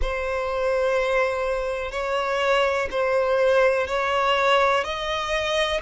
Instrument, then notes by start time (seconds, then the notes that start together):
violin
0.01 C5
1.91 C#5
2.90 C5
3.87 C#5
4.84 D#5